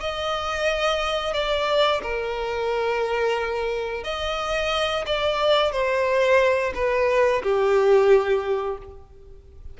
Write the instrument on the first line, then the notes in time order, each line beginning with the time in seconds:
violin
0.00 D#5
1.34 D5
2.03 A#4
4.04 D#5
5.06 D5
5.72 C5
6.75 B4
7.43 G4